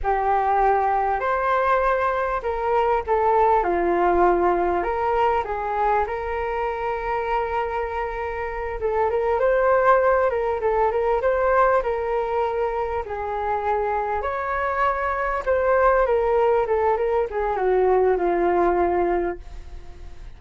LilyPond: \new Staff \with { instrumentName = "flute" } { \time 4/4 \tempo 4 = 99 g'2 c''2 | ais'4 a'4 f'2 | ais'4 gis'4 ais'2~ | ais'2~ ais'8 a'8 ais'8 c''8~ |
c''4 ais'8 a'8 ais'8 c''4 ais'8~ | ais'4. gis'2 cis''8~ | cis''4. c''4 ais'4 a'8 | ais'8 gis'8 fis'4 f'2 | }